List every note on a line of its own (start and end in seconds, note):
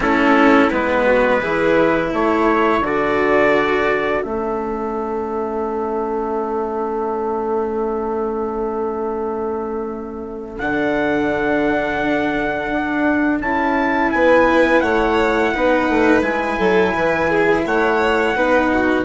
0.00 0.67 A3
0.00 0.70 C#4
0.00 1.05 E4
0.00 0.70 A4
0.70 1.42 G#3
0.70 1.41 B3
0.70 2.11 B4
1.05 1.40 F#4
1.40 2.12 E3
1.40 2.82 E4
1.40 2.10 G#4
2.10 2.80 A3
2.10 14.10 A4
2.10 2.85 C#5
2.80 4.21 D3
2.80 4.22 F#4
2.80 4.22 D5
4.22 10.60 A3
4.22 10.58 C#4
4.22 10.58 E5
10.58 12.70 D3
10.58 13.43 D4
10.58 13.40 F#5
12.70 13.40 D4
13.40 14.11 C#4
13.40 15.54 E4
13.40 14.11 A5
14.11 14.82 B3
14.11 14.82 B4
14.11 14.80 G#5
14.80 15.52 A3
14.80 15.53 C#5
14.80 16.21 F#5
15.53 15.89 B3
15.53 16.22 D#4
15.53 16.57 B4
15.89 16.21 A3
16.21 16.57 G#3
16.21 18.34 E4
16.21 17.63 G#5
16.57 16.94 F#3
16.57 16.93 A4
16.94 17.65 E3
16.94 17.29 B4
17.30 17.65 G#4
17.65 18.35 A3
17.65 18.36 C#5
17.65 19.04 F#5
18.35 19.04 B3
18.35 19.04 D#4
18.35 18.71 B4
18.73 19.04 F#4